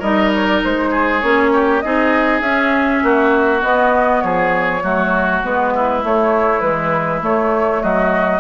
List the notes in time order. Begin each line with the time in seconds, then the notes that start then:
0.00 G3 D#4 A#4 D#5
0.35 C#5
0.47 D5
0.64 G#3 C5
0.91 G#4
1.21 A#3 C#4 C#5
1.54 G4
1.81 C4 D#4 G#4 D#5
2.41 C#4 E5
3.04 A#3 F#4
3.61 B3 D#5
4.22 F3 G#4 C#5
4.83 F#3 A3 F#4
5.44 G#3 B3 B4
5.75 E4
6.03 A3 C#5
6.61 E3 G#3 B4
7.21 A3 C#5
7.83 F#3 F#4 D#5